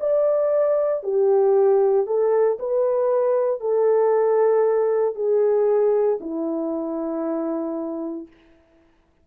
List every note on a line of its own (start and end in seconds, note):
0.00 1.03 D5
1.03 2.06 G4
2.06 2.58 A4
2.59 3.61 B4
3.61 5.15 A4
5.15 6.19 G#4
6.20 8.27 E4